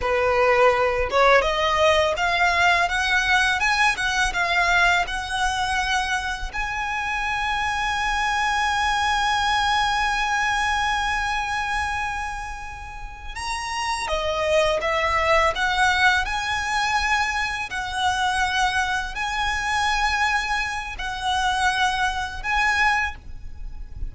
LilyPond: \new Staff \with { instrumentName = "violin" } { \time 4/4 \tempo 4 = 83 b'4. cis''8 dis''4 f''4 | fis''4 gis''8 fis''8 f''4 fis''4~ | fis''4 gis''2.~ | gis''1~ |
gis''2~ gis''8 ais''4 dis''8~ | dis''8 e''4 fis''4 gis''4.~ | gis''8 fis''2 gis''4.~ | gis''4 fis''2 gis''4 | }